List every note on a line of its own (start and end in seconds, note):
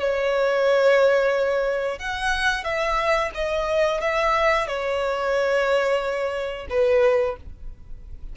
0.00 1.99 C#5
1.99 2.64 F#5
2.64 3.31 E5
3.35 4.01 D#5
4.01 4.68 E5
4.68 6.68 C#5
6.70 7.37 B4